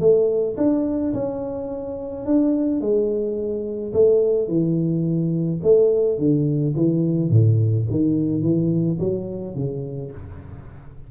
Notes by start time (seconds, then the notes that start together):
0.00 A3
0.57 D4
1.13 C#4
2.26 D4
2.81 G#3
3.93 A3
4.48 E3
5.63 A3
6.18 D3
6.76 E3
7.30 A2
7.90 D#3
8.42 E3
8.99 F#3
9.55 C#3